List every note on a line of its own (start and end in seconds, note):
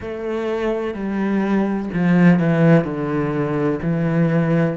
0.00 0.94 A3
0.94 1.89 G3
1.93 2.39 F3
2.39 2.84 E3
2.84 3.79 D3
3.82 4.77 E3